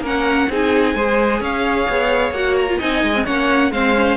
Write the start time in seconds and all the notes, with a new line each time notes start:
0.00 A#3 C#4 A#4 F#5
0.49 C4 D#4 G#4 G#5
0.94 G#3 G#4 C5
1.40 C#4 C#5 F5
1.89 B3
2.31 A#3 F#4 F#5
2.57 A#5
2.68 F4
2.78 C4 D#4 D#5 G#5
3.03 G#3
3.14 C4
3.25 A#3 C#4 C#5 F#5
3.71 G#3 C4 C5 F5
3.96 C#4